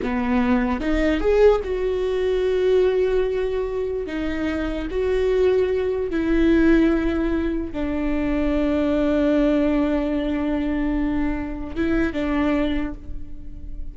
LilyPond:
\new Staff \with { instrumentName = "viola" } { \time 4/4 \tempo 4 = 148 b2 dis'4 gis'4 | fis'1~ | fis'2 dis'2 | fis'2. e'4~ |
e'2. d'4~ | d'1~ | d'1~ | d'4 e'4 d'2 | }